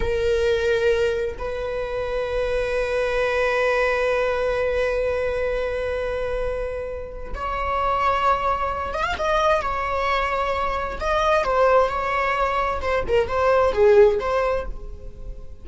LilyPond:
\new Staff \with { instrumentName = "viola" } { \time 4/4 \tempo 4 = 131 ais'2. b'4~ | b'1~ | b'1~ | b'1 |
cis''2.~ cis''8 dis''16 f''16 | dis''4 cis''2. | dis''4 c''4 cis''2 | c''8 ais'8 c''4 gis'4 c''4 | }